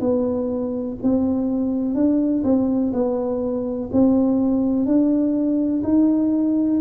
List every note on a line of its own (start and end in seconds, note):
0.00 0.97 B3
1.02 1.94 C4
1.94 2.43 D4
2.44 2.92 C4
2.93 3.90 B3
3.92 4.86 C4
4.86 5.82 D4
5.83 6.80 D#4